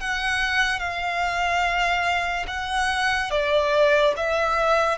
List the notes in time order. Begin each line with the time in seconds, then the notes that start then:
0.00 F#5
0.79 F5
2.47 F#5
3.31 D5
4.17 E5